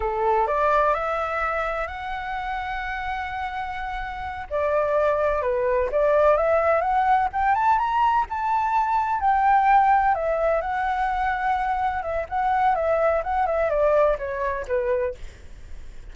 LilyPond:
\new Staff \with { instrumentName = "flute" } { \time 4/4 \tempo 4 = 127 a'4 d''4 e''2 | fis''1~ | fis''4. d''2 b'8~ | b'8 d''4 e''4 fis''4 g''8 |
a''8 ais''4 a''2 g''8~ | g''4. e''4 fis''4.~ | fis''4. e''8 fis''4 e''4 | fis''8 e''8 d''4 cis''4 b'4 | }